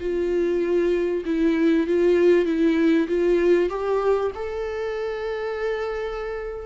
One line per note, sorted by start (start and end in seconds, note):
0.00 1.24 F4
1.25 1.87 E4
1.87 2.45 F4
2.45 3.07 E4
3.08 3.69 F4
3.69 4.31 G4
4.35 6.66 A4